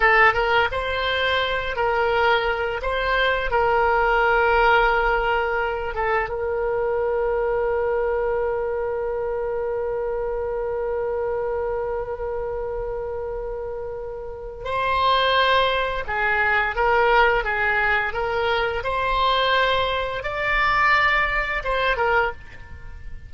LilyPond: \new Staff \with { instrumentName = "oboe" } { \time 4/4 \tempo 4 = 86 a'8 ais'8 c''4. ais'4. | c''4 ais'2.~ | ais'8 a'8 ais'2.~ | ais'1~ |
ais'1~ | ais'4 c''2 gis'4 | ais'4 gis'4 ais'4 c''4~ | c''4 d''2 c''8 ais'8 | }